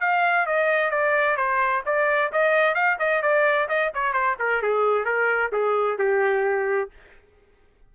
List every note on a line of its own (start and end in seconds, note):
0.00 0.46 F5
0.46 0.90 D#5
0.90 1.36 D5
1.36 1.83 C5
1.85 2.32 D5
2.32 2.74 D#5
2.74 2.97 F5
2.99 3.22 D#5
3.22 3.68 D5
3.69 3.92 D#5
3.94 4.13 C#5
4.13 4.36 C5
4.39 4.62 A#4
4.62 5.05 G#4
5.05 5.51 A#4
5.52 5.98 G#4
5.98 6.90 G4